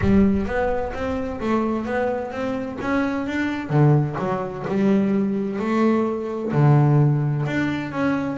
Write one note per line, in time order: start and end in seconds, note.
0.01 0.45 G3
0.45 0.92 B3
0.93 1.40 C4
1.40 1.85 A3
1.85 2.31 B3
2.31 2.78 C4
2.81 3.26 C#4
3.26 3.69 D4
3.69 4.16 D3
4.19 4.65 F#3
4.67 5.59 G3
5.59 6.52 A3
6.52 7.45 D3
7.46 7.91 D4
7.91 8.37 C#4